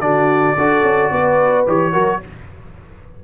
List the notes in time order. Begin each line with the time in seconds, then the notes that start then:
0.00 D3 D4 F#4 D5
0.57 D4 F#4 A4
0.83 C#4
1.11 B3 B4
1.66 E3 G4 C#5
1.92 F#3 F#4 A#4